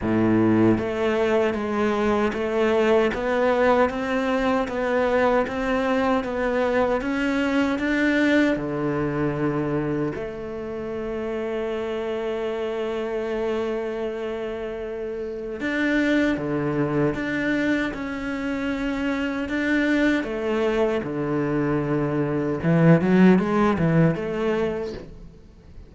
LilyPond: \new Staff \with { instrumentName = "cello" } { \time 4/4 \tempo 4 = 77 a,4 a4 gis4 a4 | b4 c'4 b4 c'4 | b4 cis'4 d'4 d4~ | d4 a2.~ |
a1 | d'4 d4 d'4 cis'4~ | cis'4 d'4 a4 d4~ | d4 e8 fis8 gis8 e8 a4 | }